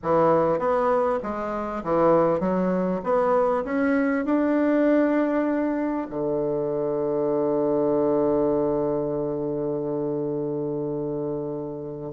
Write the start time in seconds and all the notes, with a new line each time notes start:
0.02 E3
0.58 B3
1.22 G#3
1.83 E3
2.40 F#3
3.03 B3
3.64 C#4
4.25 D4
6.10 D3